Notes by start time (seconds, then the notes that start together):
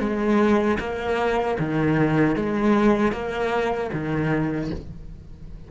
0.00 G#3
0.79 A#3
1.59 D#3
2.36 G#3
3.12 A#3
3.93 D#3